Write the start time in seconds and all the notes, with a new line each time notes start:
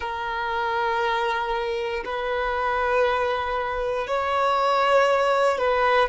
0.00 A#4
2.04 B4
4.07 C#5
5.57 B4